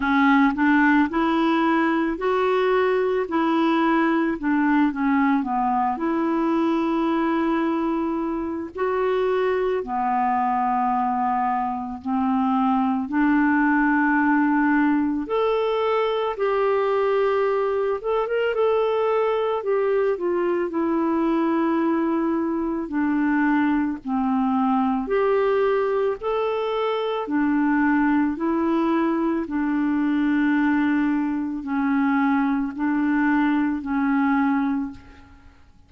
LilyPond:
\new Staff \with { instrumentName = "clarinet" } { \time 4/4 \tempo 4 = 55 cis'8 d'8 e'4 fis'4 e'4 | d'8 cis'8 b8 e'2~ e'8 | fis'4 b2 c'4 | d'2 a'4 g'4~ |
g'8 a'16 ais'16 a'4 g'8 f'8 e'4~ | e'4 d'4 c'4 g'4 | a'4 d'4 e'4 d'4~ | d'4 cis'4 d'4 cis'4 | }